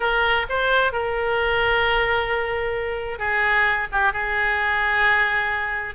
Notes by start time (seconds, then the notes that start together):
0.00 A#4
0.49 C5
0.92 A#4
3.19 G#4
3.92 G4
4.12 G#4